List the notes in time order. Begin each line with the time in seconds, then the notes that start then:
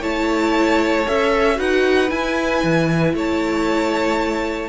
0.00 A3 E4 C#5 A5
1.07 C#4 A4 E5
1.55 D#4 F#4 B4 F#5
2.09 E4 G#5
2.63 E3
3.14 A3 C#5 A5